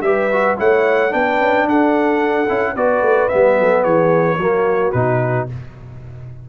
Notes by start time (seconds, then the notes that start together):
0.00 G3 G4 B4 E5
0.32 F#4
0.57 A3 E4 C#5 F#5
1.10 B3 D4 B4 G5
1.40 C#4
1.65 D4 A4 F#5
2.48 C#4 E4
2.72 B3 F#4 B4 D5
3.01 A3
3.28 G3 B3 E5
3.59 F#3 A4
3.82 E3 G#4 C#5
4.37 F#3 A#3 F#4
4.91 B2 D#4 B4